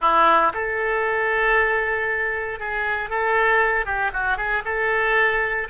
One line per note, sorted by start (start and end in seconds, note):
0.01 0.53 E4
0.53 2.59 A4
2.59 3.09 G#4
3.09 3.85 A4
3.85 4.11 G4
4.13 4.37 F#4
4.37 4.62 G#4
4.64 5.68 A4